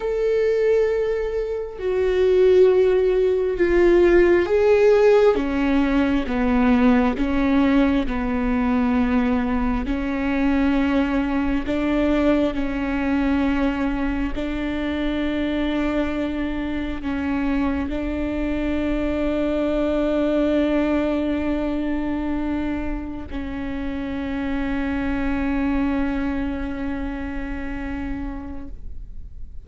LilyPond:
\new Staff \with { instrumentName = "viola" } { \time 4/4 \tempo 4 = 67 a'2 fis'2 | f'4 gis'4 cis'4 b4 | cis'4 b2 cis'4~ | cis'4 d'4 cis'2 |
d'2. cis'4 | d'1~ | d'2 cis'2~ | cis'1 | }